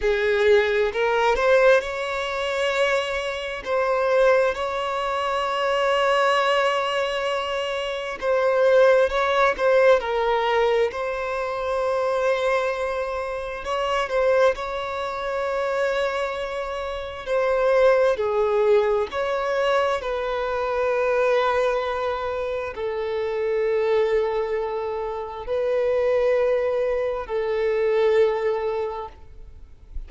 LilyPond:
\new Staff \with { instrumentName = "violin" } { \time 4/4 \tempo 4 = 66 gis'4 ais'8 c''8 cis''2 | c''4 cis''2.~ | cis''4 c''4 cis''8 c''8 ais'4 | c''2. cis''8 c''8 |
cis''2. c''4 | gis'4 cis''4 b'2~ | b'4 a'2. | b'2 a'2 | }